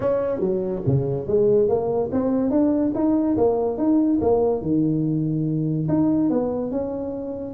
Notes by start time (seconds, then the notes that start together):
0.00 C#4
0.40 F#3
0.86 C#3
1.27 G#3
1.68 A#3
2.12 C4
2.50 D4
2.95 D#4
3.37 A#3
3.77 D#4
4.21 A#3
4.61 D#3
5.88 D#4
6.30 B3
6.71 C#4